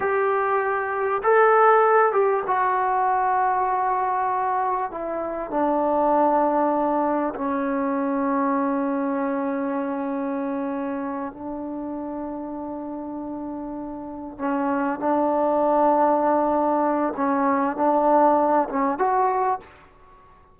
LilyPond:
\new Staff \with { instrumentName = "trombone" } { \time 4/4 \tempo 4 = 98 g'2 a'4. g'8 | fis'1 | e'4 d'2. | cis'1~ |
cis'2~ cis'8 d'4.~ | d'2.~ d'8 cis'8~ | cis'8 d'2.~ d'8 | cis'4 d'4. cis'8 fis'4 | }